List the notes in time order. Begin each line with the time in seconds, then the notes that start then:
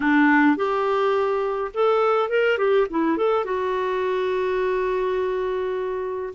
0.00 D4
0.56 G4
1.74 A4
2.29 A#4
2.58 G4
2.90 E4
3.17 A4
3.45 F#4